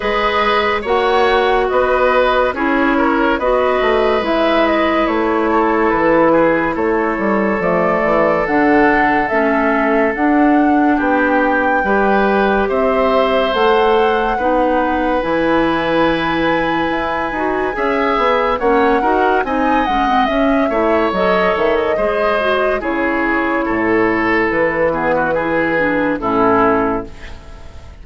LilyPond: <<
  \new Staff \with { instrumentName = "flute" } { \time 4/4 \tempo 4 = 71 dis''4 fis''4 dis''4 cis''4 | dis''4 e''8 dis''8 cis''4 b'4 | cis''4 d''4 fis''4 e''4 | fis''4 g''2 e''4 |
fis''2 gis''2~ | gis''2 fis''4 gis''8 fis''8 | e''4 dis''8 e''16 dis''4~ dis''16 cis''4~ | cis''4 b'2 a'4 | }
  \new Staff \with { instrumentName = "oboe" } { \time 4/4 b'4 cis''4 b'4 gis'8 ais'8 | b'2~ b'8 a'4 gis'8 | a'1~ | a'4 g'4 b'4 c''4~ |
c''4 b'2.~ | b'4 e''4 cis''8 ais'8 dis''4~ | dis''8 cis''4. c''4 gis'4 | a'4. gis'16 fis'16 gis'4 e'4 | }
  \new Staff \with { instrumentName = "clarinet" } { \time 4/4 gis'4 fis'2 e'4 | fis'4 e'2.~ | e'4 a4 d'4 cis'4 | d'2 g'2 |
a'4 dis'4 e'2~ | e'8 fis'8 gis'4 cis'8 fis'8 dis'8 cis'16 c'16 | cis'8 e'8 a'4 gis'8 fis'8 e'4~ | e'4. b8 e'8 d'8 cis'4 | }
  \new Staff \with { instrumentName = "bassoon" } { \time 4/4 gis4 ais4 b4 cis'4 | b8 a8 gis4 a4 e4 | a8 g8 f8 e8 d4 a4 | d'4 b4 g4 c'4 |
a4 b4 e2 | e'8 dis'8 cis'8 b8 ais8 dis'8 c'8 gis8 | cis'8 a8 fis8 dis8 gis4 cis4 | a,4 e2 a,4 | }
>>